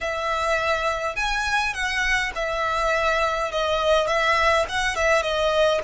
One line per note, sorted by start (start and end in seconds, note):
0.00 1.16 E5
1.16 1.73 G#5
1.73 2.32 F#5
2.35 3.51 E5
3.51 4.07 D#5
4.07 4.65 E5
4.68 4.95 F#5
4.95 5.22 E5
5.22 5.80 D#5